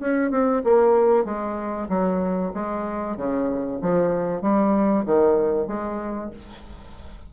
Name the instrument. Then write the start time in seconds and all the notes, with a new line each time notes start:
bassoon
0.00 C#4
0.31 C4
0.64 A#3
1.25 G#3
1.89 F#3
2.54 G#3
3.17 C#3
3.82 F3
4.42 G3
5.06 D#3
5.67 G#3